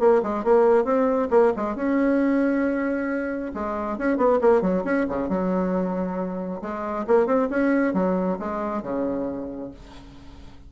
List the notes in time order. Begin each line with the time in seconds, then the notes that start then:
0.00 A#3
0.23 G#3
0.44 A#3
0.85 C4
1.31 A#3
1.57 G#3
1.76 C#4
3.54 G#3
3.98 C#4
4.17 B3
4.42 A#3
4.62 F#3
4.84 C#4
5.09 C#3
5.29 F#3
6.62 G#3
7.07 A#3
7.27 C4
7.50 C#4
7.94 F#3
8.39 G#3
8.83 C#3